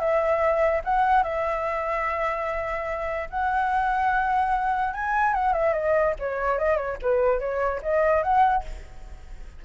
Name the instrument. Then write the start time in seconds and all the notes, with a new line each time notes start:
flute
0.00 E5
0.85 F#5
1.24 E5
3.31 F#5
4.94 G#5
5.34 F#5
5.53 E5
5.74 D#5
6.20 C#5
6.59 D#5
6.77 C#5
7.03 B4
7.40 C#5
7.83 D#5
8.23 F#5